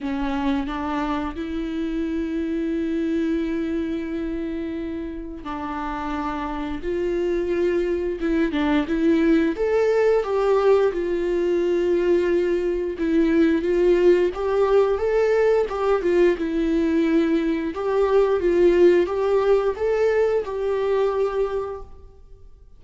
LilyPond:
\new Staff \with { instrumentName = "viola" } { \time 4/4 \tempo 4 = 88 cis'4 d'4 e'2~ | e'1 | d'2 f'2 | e'8 d'8 e'4 a'4 g'4 |
f'2. e'4 | f'4 g'4 a'4 g'8 f'8 | e'2 g'4 f'4 | g'4 a'4 g'2 | }